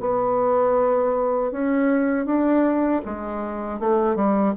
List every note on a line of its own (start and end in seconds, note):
0.00 1.52 B3
1.52 2.25 C#4
2.25 3.01 D4
3.05 3.80 G#3
3.80 4.16 A3
4.16 4.54 G3